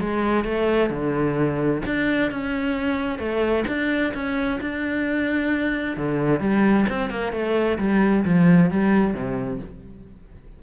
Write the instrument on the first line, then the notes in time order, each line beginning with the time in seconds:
cello
0.00 G#3
0.45 A3
0.90 D3
1.86 D4
2.31 C#4
3.19 A3
3.68 D4
4.14 C#4
4.61 D4
5.97 D3
6.40 G3
6.89 C4
7.10 A#3
7.32 A3
7.79 G3
8.25 F3
8.71 G3
9.14 C3